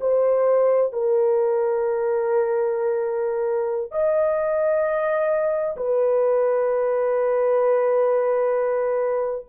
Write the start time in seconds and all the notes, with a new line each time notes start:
0.00 C5
0.92 A#4
3.91 D#5
5.76 B4